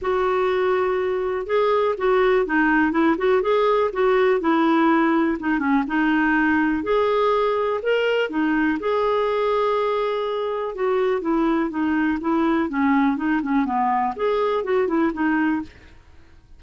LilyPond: \new Staff \with { instrumentName = "clarinet" } { \time 4/4 \tempo 4 = 123 fis'2. gis'4 | fis'4 dis'4 e'8 fis'8 gis'4 | fis'4 e'2 dis'8 cis'8 | dis'2 gis'2 |
ais'4 dis'4 gis'2~ | gis'2 fis'4 e'4 | dis'4 e'4 cis'4 dis'8 cis'8 | b4 gis'4 fis'8 e'8 dis'4 | }